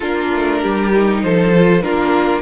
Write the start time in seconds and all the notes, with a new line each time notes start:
0.00 A#3 D4 F4 A#4
0.33 A3
0.61 G3 G4
0.93 D#4
1.22 F3 A4 C5
1.54 F4
1.82 A#3 D4 F4 A#4